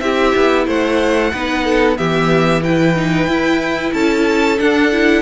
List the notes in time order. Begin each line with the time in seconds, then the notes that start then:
0.00 C4 E4 G4 E5
0.36 B3
0.66 A3 C5 F#5
1.33 B3 D#4 B4
1.64 A4
1.96 E3 B3 G4 E5
2.63 E4 B4 G5
2.96 D#4
3.27 E4
3.94 C#4 A4 A5
4.58 D4 F#5
4.92 E4